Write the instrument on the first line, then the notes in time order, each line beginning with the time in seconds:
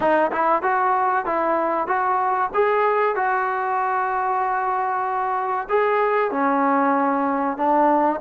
trombone
0.00 D#4
0.31 E4
0.62 F#4
1.25 E4
1.87 F#4
2.53 G#4
3.15 F#4
5.69 G#4
6.31 C#4
7.57 D4